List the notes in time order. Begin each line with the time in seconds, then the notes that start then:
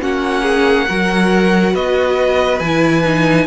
0.00 A#3 C#4 F#4 F#5
0.42 G#4
0.87 F#3 F#4 A#4
1.73 B3 B4 D#5
2.59 E3 E4 G#5
3.05 D#4